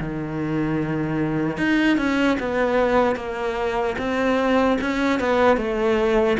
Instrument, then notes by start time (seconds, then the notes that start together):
cello
0.00 D#3
1.57 D#4
1.97 C#4
2.40 B3
3.16 A#3
3.98 C4
4.81 C#4
5.20 B3
5.57 A3